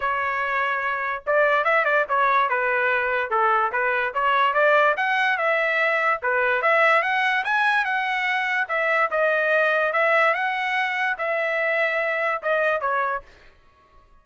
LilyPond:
\new Staff \with { instrumentName = "trumpet" } { \time 4/4 \tempo 4 = 145 cis''2. d''4 | e''8 d''8 cis''4 b'2 | a'4 b'4 cis''4 d''4 | fis''4 e''2 b'4 |
e''4 fis''4 gis''4 fis''4~ | fis''4 e''4 dis''2 | e''4 fis''2 e''4~ | e''2 dis''4 cis''4 | }